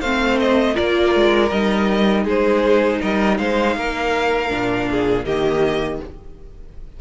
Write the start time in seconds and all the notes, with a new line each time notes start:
0.00 A3 C4 C5 F5
0.39 D#5
0.74 A#3 F4 A#4 D5
1.15 G#3
1.49 G3 D#4 D#5
2.24 G#3 G#4 C5
3.01 G3 A#4 D#5
3.37 G#3 C5 F5
3.76 A#3 A#4
4.49 A#2 D4
4.90 G#4
5.25 D#3 A#3 G4 D#5